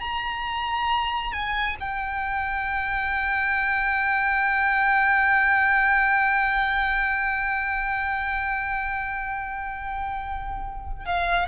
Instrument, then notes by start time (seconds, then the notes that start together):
violin
0.00 A#5
1.32 G#5
1.80 G5
11.05 F5